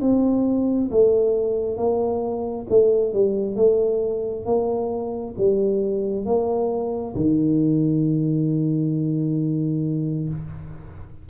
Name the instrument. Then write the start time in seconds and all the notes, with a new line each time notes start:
tuba
0.00 C4
0.91 A3
1.76 A#3
2.69 A3
3.13 G3
3.55 A3
4.45 A#3
5.37 G3
6.25 A#3
7.15 D#3